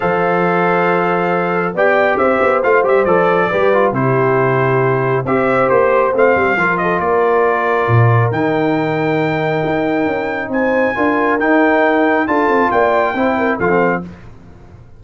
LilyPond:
<<
  \new Staff \with { instrumentName = "trumpet" } { \time 4/4 \tempo 4 = 137 f''1 | g''4 e''4 f''8 e''8 d''4~ | d''4 c''2. | e''4 c''4 f''4. dis''8 |
d''2. g''4~ | g''1 | gis''2 g''2 | a''4 g''2 f''4 | }
  \new Staff \with { instrumentName = "horn" } { \time 4/4 c''1 | d''4 c''2. | b'4 g'2. | c''2. ais'8 a'8 |
ais'1~ | ais'1 | c''4 ais'2. | a'4 d''4 c''8 ais'8 a'4 | }
  \new Staff \with { instrumentName = "trombone" } { \time 4/4 a'1 | g'2 f'8 g'8 a'4 | g'8 f'8 e'2. | g'2 c'4 f'4~ |
f'2. dis'4~ | dis'1~ | dis'4 f'4 dis'2 | f'2 e'4 f'16 c'8. | }
  \new Staff \with { instrumentName = "tuba" } { \time 4/4 f1 | b4 c'8 b8 a8 g8 f4 | g4 c2. | c'4 ais4 a8 g8 f4 |
ais2 ais,4 dis4~ | dis2 dis'4 cis'4 | c'4 d'4 dis'2 | d'8 c'8 ais4 c'4 f4 | }
>>